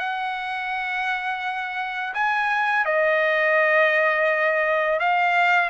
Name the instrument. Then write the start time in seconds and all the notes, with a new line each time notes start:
trumpet
0.00 F#5
2.15 G#5
2.86 D#5
5.00 F5